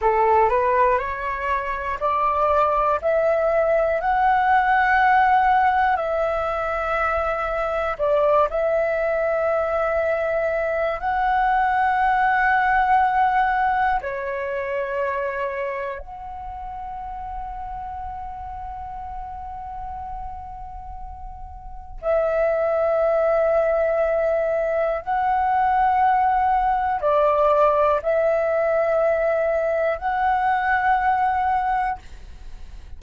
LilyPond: \new Staff \with { instrumentName = "flute" } { \time 4/4 \tempo 4 = 60 a'8 b'8 cis''4 d''4 e''4 | fis''2 e''2 | d''8 e''2~ e''8 fis''4~ | fis''2 cis''2 |
fis''1~ | fis''2 e''2~ | e''4 fis''2 d''4 | e''2 fis''2 | }